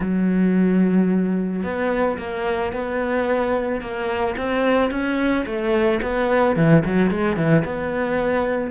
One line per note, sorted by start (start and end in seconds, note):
0.00 1.63 F#3
1.63 2.17 B3
2.18 2.72 A#3
2.72 3.81 B3
3.81 4.35 A#3
4.37 4.90 C4
4.90 5.45 C#4
5.45 6.00 A3
6.01 6.56 B3
6.56 6.83 E3
6.85 7.10 F#3
7.10 7.36 G#3
7.36 7.63 E3
7.65 8.70 B3